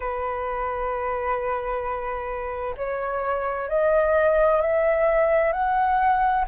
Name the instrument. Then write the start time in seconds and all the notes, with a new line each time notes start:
flute
0.00 B4
2.77 C#5
3.68 D#5
4.61 E5
5.52 F#5